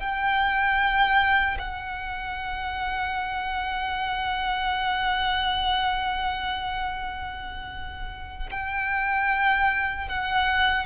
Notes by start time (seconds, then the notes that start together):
0.00 G5
1.59 F#5
8.51 G5
10.09 F#5